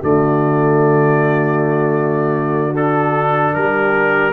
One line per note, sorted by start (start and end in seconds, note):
0.00 3.56 D3
0.00 2.74 A3
0.00 3.55 F#4
0.00 2.77 D5
2.74 4.32 D4
2.74 3.55 A4
3.55 4.33 G3
3.55 4.33 G4
3.55 4.33 A#4